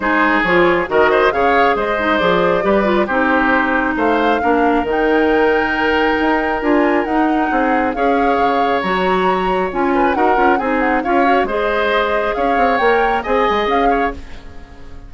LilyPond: <<
  \new Staff \with { instrumentName = "flute" } { \time 4/4 \tempo 4 = 136 c''4 cis''4 dis''4 f''4 | dis''4 d''2 c''4~ | c''4 f''2 g''4~ | g''2. gis''4 |
fis''2 f''2 | ais''2 gis''4 fis''4 | gis''8 fis''8 f''4 dis''2 | f''4 g''4 gis''4 f''4 | }
  \new Staff \with { instrumentName = "oboe" } { \time 4/4 gis'2 ais'8 c''8 cis''4 | c''2 b'4 g'4~ | g'4 c''4 ais'2~ | ais'1~ |
ais'4 gis'4 cis''2~ | cis''2~ cis''8 b'8 ais'4 | gis'4 cis''4 c''2 | cis''2 dis''4. cis''8 | }
  \new Staff \with { instrumentName = "clarinet" } { \time 4/4 dis'4 f'4 fis'4 gis'4~ | gis'8 dis'8 gis'4 g'8 f'8 dis'4~ | dis'2 d'4 dis'4~ | dis'2. f'4 |
dis'2 gis'2 | fis'2 f'4 fis'8 f'8 | dis'4 f'8 fis'8 gis'2~ | gis'4 ais'4 gis'2 | }
  \new Staff \with { instrumentName = "bassoon" } { \time 4/4 gis4 f4 dis4 cis4 | gis4 f4 g4 c'4~ | c'4 a4 ais4 dis4~ | dis2 dis'4 d'4 |
dis'4 c'4 cis'4 cis4 | fis2 cis'4 dis'8 cis'8 | c'4 cis'4 gis2 | cis'8 c'8 ais4 c'8 gis8 cis'4 | }
>>